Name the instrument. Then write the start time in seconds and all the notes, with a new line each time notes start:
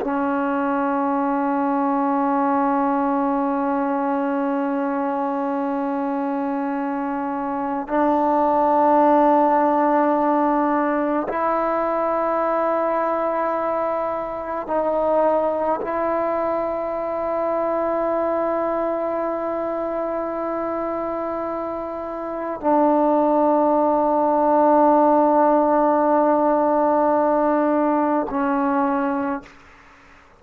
trombone
0.00 C#4
7.87 D4
11.28 E4
14.67 D#4
15.81 E4
22.61 D4
28.29 C#4